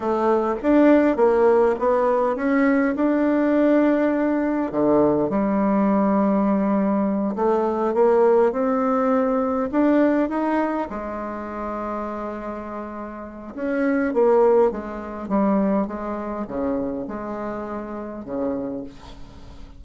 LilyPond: \new Staff \with { instrumentName = "bassoon" } { \time 4/4 \tempo 4 = 102 a4 d'4 ais4 b4 | cis'4 d'2. | d4 g2.~ | g8 a4 ais4 c'4.~ |
c'8 d'4 dis'4 gis4.~ | gis2. cis'4 | ais4 gis4 g4 gis4 | cis4 gis2 cis4 | }